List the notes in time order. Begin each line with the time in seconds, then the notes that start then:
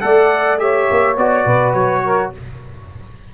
0.00 A3 A4 D5 F#5
0.58 G4 C#5 E5
0.90 A#3
1.16 B3 F#4 D5
1.43 B2 B4
1.73 F#3 C#5
2.03 A#4